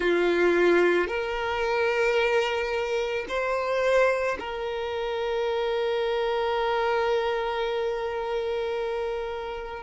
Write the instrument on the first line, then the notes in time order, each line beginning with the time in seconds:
violin
0.00 F4
1.07 A#4
3.28 C5
4.39 A#4